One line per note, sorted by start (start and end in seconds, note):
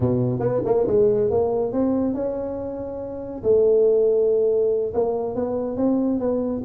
0.00 0.39 B2
0.39 0.61 B3
0.65 0.86 A#3
0.87 1.30 G#3
1.30 1.72 A#3
1.72 2.14 C4
2.14 3.42 C#4
3.43 4.93 A3
4.93 5.35 A#3
5.35 5.76 B3
5.76 6.19 C4
6.19 6.62 B3